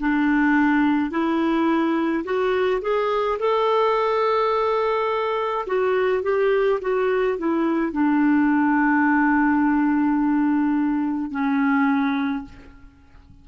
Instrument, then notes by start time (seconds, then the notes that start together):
clarinet
0.00 D4
1.11 E4
2.25 F#4
2.82 G#4
3.40 A4
5.67 F#4
6.23 G4
6.82 F#4
7.38 E4
7.92 D4
11.32 C#4